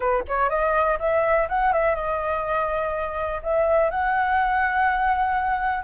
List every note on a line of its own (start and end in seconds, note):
0.00 0.23 B4
0.28 0.49 C#5
0.49 0.98 D#5
0.99 1.47 E5
1.48 1.72 F#5
1.72 1.95 E5
1.95 3.41 D#5
3.42 3.90 E5
3.90 5.83 F#5